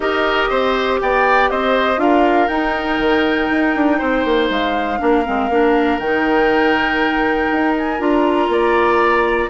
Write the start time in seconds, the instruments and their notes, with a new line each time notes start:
0.00 bassoon D#4, clarinet G4, oboe A#4, flute D#5
0.49 bassoon C4, oboe C5
1.00 bassoon B3, oboe D5, flute G5
1.50 bassoon C4, oboe C5, flute D#5
1.97 bassoon D4, clarinet F4, oboe A#4, flute F5
2.48 bassoon D#4, clarinet D#4, flute G5
2.98 bassoon D#3
3.50 bassoon D#4
3.75 bassoon D4
3.98 bassoon C4, oboe C5
4.24 bassoon A#3
4.49 bassoon G#3, flute F5
4.98 bassoon A#3, clarinet D4, oboe A#4
5.24 bassoon G#3, clarinet C4
5.49 bassoon A#3, clarinet D4
5.98 bassoon D#3, clarinet D#4, flute G5
7.51 bassoon D#4
7.77 flute G#5
7.99 bassoon D4, clarinet F4, flute A#5
8.48 bassoon A#3, oboe D5